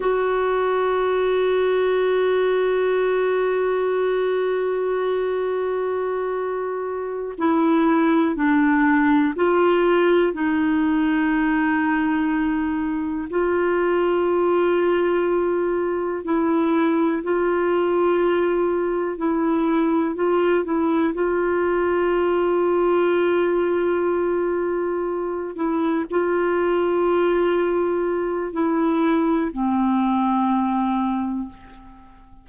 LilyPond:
\new Staff \with { instrumentName = "clarinet" } { \time 4/4 \tempo 4 = 61 fis'1~ | fis'2.~ fis'8 e'8~ | e'8 d'4 f'4 dis'4.~ | dis'4. f'2~ f'8~ |
f'8 e'4 f'2 e'8~ | e'8 f'8 e'8 f'2~ f'8~ | f'2 e'8 f'4.~ | f'4 e'4 c'2 | }